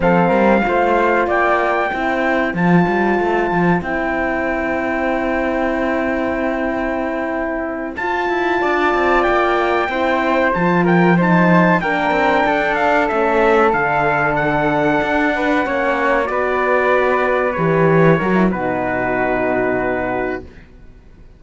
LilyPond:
<<
  \new Staff \with { instrumentName = "trumpet" } { \time 4/4 \tempo 4 = 94 f''2 g''2 | a''2 g''2~ | g''1~ | g''8 a''2 g''4.~ |
g''8 a''8 g''8 a''4 g''4. | f''8 e''4 f''4 fis''4.~ | fis''4. d''2 cis''8~ | cis''4 b'2. | }
  \new Staff \with { instrumentName = "flute" } { \time 4/4 a'8 ais'8 c''4 d''4 c''4~ | c''1~ | c''1~ | c''4. d''2 c''8~ |
c''4 ais'8 c''4 ais'4 a'8~ | a'1 | b'8 cis''4 b'2~ b'8~ | b'8 ais'8 fis'2. | }
  \new Staff \with { instrumentName = "horn" } { \time 4/4 c'4 f'2 e'4 | f'2 e'2~ | e'1~ | e'8 f'2. e'8~ |
e'8 f'4 dis'4 d'4.~ | d'8 cis'4 d'2~ d'8~ | d'8 cis'4 fis'2 g'8~ | g'8 fis'16 e'16 dis'2. | }
  \new Staff \with { instrumentName = "cello" } { \time 4/4 f8 g8 a4 ais4 c'4 | f8 g8 a8 f8 c'2~ | c'1~ | c'8 f'8 e'8 d'8 c'8 ais4 c'8~ |
c'8 f2 ais8 c'8 d'8~ | d'8 a4 d2 d'8~ | d'8 ais4 b2 e8~ | e8 fis8 b,2. | }
>>